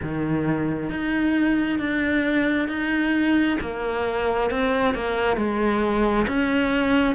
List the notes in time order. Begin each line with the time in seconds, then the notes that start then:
0.02 D#3
0.90 D#4
1.79 D4
2.68 D#4
3.60 A#3
4.50 C4
4.94 A#3
5.36 G#3
6.27 C#4